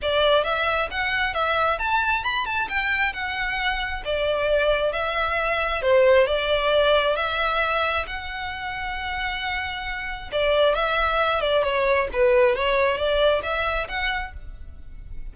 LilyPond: \new Staff \with { instrumentName = "violin" } { \time 4/4 \tempo 4 = 134 d''4 e''4 fis''4 e''4 | a''4 b''8 a''8 g''4 fis''4~ | fis''4 d''2 e''4~ | e''4 c''4 d''2 |
e''2 fis''2~ | fis''2. d''4 | e''4. d''8 cis''4 b'4 | cis''4 d''4 e''4 fis''4 | }